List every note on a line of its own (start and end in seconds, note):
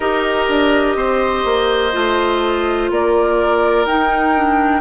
0.00 0.47 D#4
0.00 1.92 G4
0.00 0.96 A#4
0.00 2.89 D#5
0.48 0.95 D4
0.95 1.44 C4
0.95 2.90 C5
1.45 1.93 A#3
1.92 2.90 A3
1.92 3.85 F4
2.90 3.85 A#3
2.90 4.81 A#4
2.90 3.85 D5
3.85 4.81 D#4
3.85 4.36 D#4
3.85 4.81 G5
4.36 4.81 D4